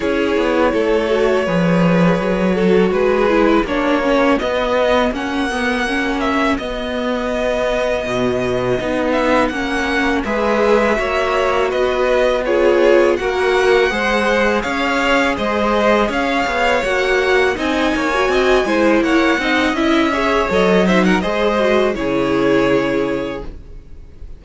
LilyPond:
<<
  \new Staff \with { instrumentName = "violin" } { \time 4/4 \tempo 4 = 82 cis''1 | b'4 cis''4 dis''4 fis''4~ | fis''8 e''8 dis''2.~ | dis''8 e''8 fis''4 e''2 |
dis''4 cis''4 fis''2 | f''4 dis''4 f''4 fis''4 | gis''2 fis''4 e''4 | dis''8 e''16 fis''16 dis''4 cis''2 | }
  \new Staff \with { instrumentName = "violin" } { \time 4/4 gis'4 a'4 b'4. a'8 | gis'4 fis'2.~ | fis'1~ | fis'2 b'4 cis''4 |
b'4 gis'4 ais'4 c''4 | cis''4 c''4 cis''2 | dis''8 cis''8 dis''8 c''8 cis''8 dis''4 cis''8~ | cis''8 c''16 ais'16 c''4 gis'2 | }
  \new Staff \with { instrumentName = "viola" } { \time 4/4 e'4. fis'8 gis'4. fis'8~ | fis'8 e'8 d'8 cis'8 b4 cis'8 b8 | cis'4 b2. | dis'4 cis'4 gis'4 fis'4~ |
fis'4 f'4 fis'4 gis'4~ | gis'2. fis'4 | dis'8. fis'8. e'4 dis'8 e'8 gis'8 | a'8 dis'8 gis'8 fis'8 e'2 | }
  \new Staff \with { instrumentName = "cello" } { \time 4/4 cis'8 b8 a4 f4 fis4 | gis4 ais4 b4 ais4~ | ais4 b2 b,4 | b4 ais4 gis4 ais4 |
b2 ais4 gis4 | cis'4 gis4 cis'8 b8 ais4 | c'8 ais8 c'8 gis8 ais8 c'8 cis'4 | fis4 gis4 cis2 | }
>>